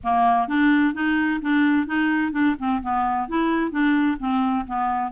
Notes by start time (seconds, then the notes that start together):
0.03 A#3
0.48 D4
0.94 D#4
1.41 D4
1.86 D#4
2.32 D4
2.58 C4
2.82 B3
3.28 E4
3.71 D4
4.19 C4
4.66 B3